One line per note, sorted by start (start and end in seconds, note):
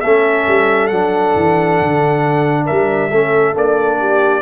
0.00 0.46 A3
0.00 0.91 C#4
0.00 2.65 A4
0.00 0.87 E5
0.47 0.91 G3
0.87 1.35 F#3
0.87 3.11 D4
0.87 2.63 F#5
1.35 1.79 E3
1.81 2.69 D3
2.65 3.11 G3
2.65 3.10 A#4
2.65 3.54 E5
3.10 3.55 A3
3.10 3.54 C#4
3.10 3.99 A4
3.54 4.41 A#3
3.54 4.41 D4
3.54 4.41 D5
3.99 4.41 G4